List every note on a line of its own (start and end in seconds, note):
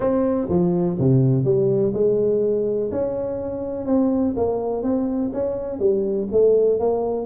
0.00 0.48 C4
0.49 0.97 F3
0.98 1.44 C3
1.44 1.92 G3
1.93 2.90 G#3
2.91 3.86 C#4
3.86 4.34 C4
4.36 4.83 A#3
4.83 5.31 C4
5.33 5.79 C#4
5.79 6.27 G3
6.31 6.79 A3
6.79 7.26 A#3